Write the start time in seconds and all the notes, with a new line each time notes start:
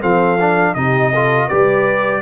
0.00 F3 C4 A4 F5
0.40 D4
0.75 C3 D#4 G4 D#5
1.13 F4 A4
1.48 G3 G4 B4 D5